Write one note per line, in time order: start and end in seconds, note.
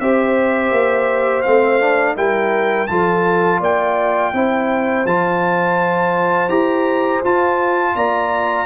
0.00 0.71 C4
0.00 1.45 G4
0.00 2.17 C5
0.00 1.42 E5
0.71 1.43 A#3
1.42 2.16 A3
1.42 1.80 C4
1.42 2.14 F5
1.80 2.16 D4
2.16 2.89 G3
2.16 2.88 E4
2.16 2.89 A#4
2.16 2.87 G5
2.87 3.60 F3
2.87 4.33 F4
2.87 3.60 A4
2.87 3.59 A5
3.60 4.32 A#3
3.60 4.32 D5
3.60 5.06 G5
4.33 5.05 C4
4.33 5.06 E4
4.33 7.95 C5
5.05 6.49 F3
5.05 6.49 F4
5.05 6.49 A5
6.49 7.21 E4
6.49 7.21 G4
6.49 7.21 A#5
7.24 7.95 F4
7.24 8.65 F4
7.24 7.96 A5
7.95 8.65 A#3
7.95 8.65 D5
7.95 8.65 A#5